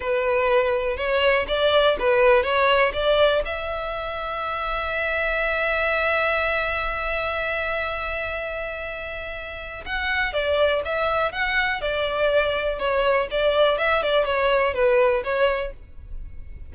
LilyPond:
\new Staff \with { instrumentName = "violin" } { \time 4/4 \tempo 4 = 122 b'2 cis''4 d''4 | b'4 cis''4 d''4 e''4~ | e''1~ | e''1~ |
e''1 | fis''4 d''4 e''4 fis''4 | d''2 cis''4 d''4 | e''8 d''8 cis''4 b'4 cis''4 | }